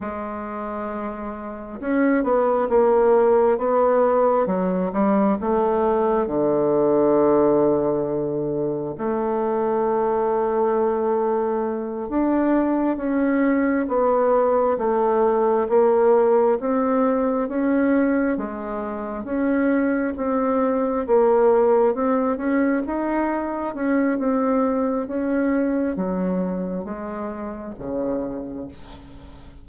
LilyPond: \new Staff \with { instrumentName = "bassoon" } { \time 4/4 \tempo 4 = 67 gis2 cis'8 b8 ais4 | b4 fis8 g8 a4 d4~ | d2 a2~ | a4. d'4 cis'4 b8~ |
b8 a4 ais4 c'4 cis'8~ | cis'8 gis4 cis'4 c'4 ais8~ | ais8 c'8 cis'8 dis'4 cis'8 c'4 | cis'4 fis4 gis4 cis4 | }